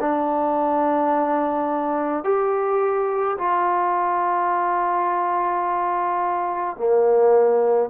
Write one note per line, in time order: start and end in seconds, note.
0.00 2.24 D4
2.24 3.38 G4
3.39 6.77 F4
6.77 7.90 A#3